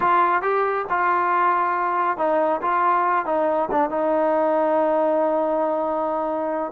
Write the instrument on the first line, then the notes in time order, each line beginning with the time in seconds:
trombone
0.00 F4
0.42 G4
0.89 F4
2.17 D#4
2.61 F4
3.25 D#4
3.71 D4
3.90 D#4